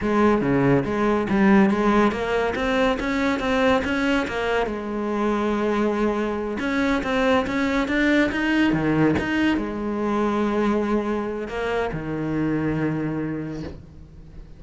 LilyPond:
\new Staff \with { instrumentName = "cello" } { \time 4/4 \tempo 4 = 141 gis4 cis4 gis4 g4 | gis4 ais4 c'4 cis'4 | c'4 cis'4 ais4 gis4~ | gis2.~ gis8 cis'8~ |
cis'8 c'4 cis'4 d'4 dis'8~ | dis'8 dis4 dis'4 gis4.~ | gis2. ais4 | dis1 | }